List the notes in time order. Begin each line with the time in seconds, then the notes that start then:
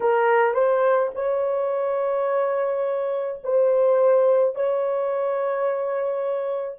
0.00 A#4
0.54 C5
1.14 C#5
3.43 C5
4.55 C#5